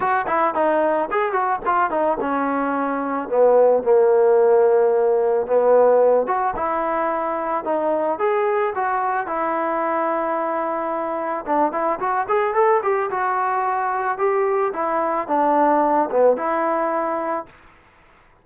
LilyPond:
\new Staff \with { instrumentName = "trombone" } { \time 4/4 \tempo 4 = 110 fis'8 e'8 dis'4 gis'8 fis'8 f'8 dis'8 | cis'2 b4 ais4~ | ais2 b4. fis'8 | e'2 dis'4 gis'4 |
fis'4 e'2.~ | e'4 d'8 e'8 fis'8 gis'8 a'8 g'8 | fis'2 g'4 e'4 | d'4. b8 e'2 | }